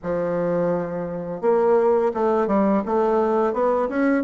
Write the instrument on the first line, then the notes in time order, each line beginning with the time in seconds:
bassoon
0.02 F3
1.41 A#3
2.14 A3
2.47 G3
2.85 A3
3.53 B3
3.88 C#4